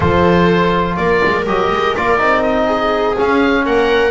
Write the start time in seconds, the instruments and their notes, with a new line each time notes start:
0.00 double bass F3, trombone F4, viola A4, oboe C5
0.96 double bass A#3, viola A#4, oboe D5
1.25 double bass G#3
1.46 double bass F#3, trombone G4, oboe D#5
1.71 double bass G#3
1.95 double bass A#3, trombone F4, oboe D5
2.18 double bass C4, trombone D#4
2.42 oboe D#5
2.66 viola G#4
3.17 trombone C#4, double bass C#4, oboe F5
3.65 double bass A#3, viola A#4, oboe F#5